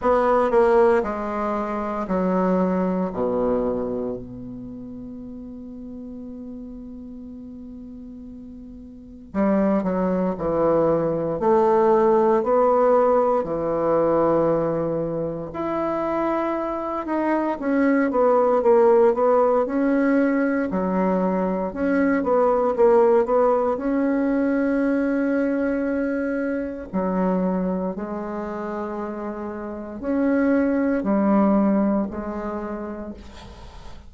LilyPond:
\new Staff \with { instrumentName = "bassoon" } { \time 4/4 \tempo 4 = 58 b8 ais8 gis4 fis4 b,4 | b1~ | b4 g8 fis8 e4 a4 | b4 e2 e'4~ |
e'8 dis'8 cis'8 b8 ais8 b8 cis'4 | fis4 cis'8 b8 ais8 b8 cis'4~ | cis'2 fis4 gis4~ | gis4 cis'4 g4 gis4 | }